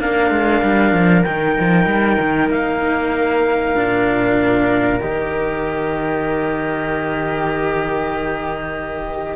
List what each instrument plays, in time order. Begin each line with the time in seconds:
0.00 cello A#3 D4, flute A#4, clarinet F5
0.31 cello G#3
0.63 cello G3
0.93 cello F3
1.24 cello D#3 D#4, clarinet G5
1.60 cello F3
1.86 cello G3
2.20 cello D#3
2.50 cello A#3, clarinet F5
3.76 cello A#2 D4
5.00 cello D#3 G4, clarinet D#5